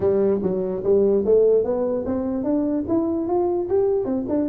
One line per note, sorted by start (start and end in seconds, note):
0.00 0.40 G3
0.42 0.83 F#3
0.83 1.24 G3
1.25 1.64 A3
1.64 2.04 B3
2.05 2.43 C4
2.43 2.84 D4
2.88 3.27 E4
3.27 3.68 F4
3.69 4.05 G4
4.05 4.25 C4
4.28 4.49 D4